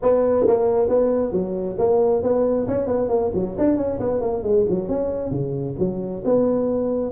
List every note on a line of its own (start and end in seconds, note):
0.02 0.46 B3
0.47 0.88 A#3
0.88 1.32 B3
1.32 1.76 F#3
1.78 2.22 A#3
2.22 2.67 B3
2.67 2.86 C#4
2.86 3.08 B3
3.08 3.31 A#3
3.34 3.56 F#3
3.58 3.77 D4
3.77 3.99 C#4
3.99 4.20 B3
4.20 4.43 A#3
4.43 4.65 G#3
4.69 4.88 F#3
4.88 5.31 C#4
5.31 5.75 C#3
5.79 6.23 F#3
6.24 7.11 B3